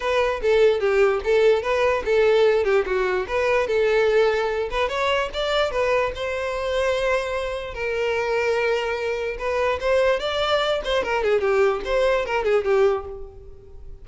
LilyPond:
\new Staff \with { instrumentName = "violin" } { \time 4/4 \tempo 4 = 147 b'4 a'4 g'4 a'4 | b'4 a'4. g'8 fis'4 | b'4 a'2~ a'8 b'8 | cis''4 d''4 b'4 c''4~ |
c''2. ais'4~ | ais'2. b'4 | c''4 d''4. c''8 ais'8 gis'8 | g'4 c''4 ais'8 gis'8 g'4 | }